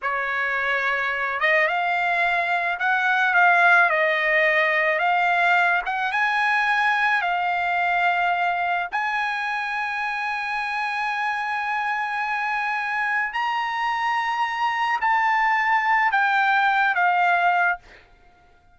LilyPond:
\new Staff \with { instrumentName = "trumpet" } { \time 4/4 \tempo 4 = 108 cis''2~ cis''8 dis''8 f''4~ | f''4 fis''4 f''4 dis''4~ | dis''4 f''4. fis''8 gis''4~ | gis''4 f''2. |
gis''1~ | gis''1 | ais''2. a''4~ | a''4 g''4. f''4. | }